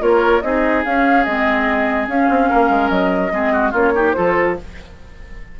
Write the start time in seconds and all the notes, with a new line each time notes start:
0.00 A#3 F4 A#4 C#5
0.42 C4 D#4 G#4 D#5
0.84 C#4 F5
1.24 G#3 C4 D#5
2.08 C#4 F5
2.29 C4
2.49 A#3 A#4
2.70 G#3
2.89 F#3 D#5
3.32 G#3 C4 G#4
3.53 F#4
3.71 A#3 C#4 F4 C#5
3.94 D#4 G4
4.12 F4 A4 C5
4.18 F3